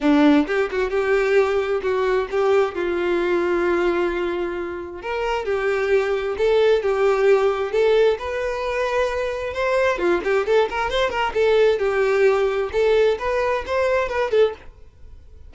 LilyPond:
\new Staff \with { instrumentName = "violin" } { \time 4/4 \tempo 4 = 132 d'4 g'8 fis'8 g'2 | fis'4 g'4 f'2~ | f'2. ais'4 | g'2 a'4 g'4~ |
g'4 a'4 b'2~ | b'4 c''4 f'8 g'8 a'8 ais'8 | c''8 ais'8 a'4 g'2 | a'4 b'4 c''4 b'8 a'8 | }